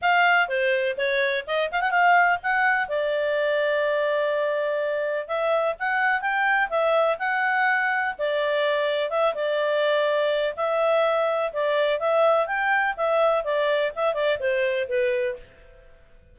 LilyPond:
\new Staff \with { instrumentName = "clarinet" } { \time 4/4 \tempo 4 = 125 f''4 c''4 cis''4 dis''8 f''16 fis''16 | f''4 fis''4 d''2~ | d''2. e''4 | fis''4 g''4 e''4 fis''4~ |
fis''4 d''2 e''8 d''8~ | d''2 e''2 | d''4 e''4 g''4 e''4 | d''4 e''8 d''8 c''4 b'4 | }